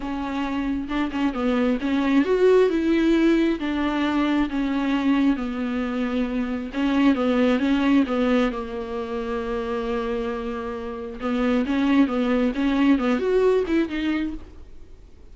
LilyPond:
\new Staff \with { instrumentName = "viola" } { \time 4/4 \tempo 4 = 134 cis'2 d'8 cis'8 b4 | cis'4 fis'4 e'2 | d'2 cis'2 | b2. cis'4 |
b4 cis'4 b4 ais4~ | ais1~ | ais4 b4 cis'4 b4 | cis'4 b8 fis'4 e'8 dis'4 | }